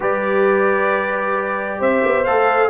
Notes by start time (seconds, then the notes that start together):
0.00 G3 G4 B4 D5
1.79 C4 C5 E5
2.05 B3
2.24 A3 A4 F5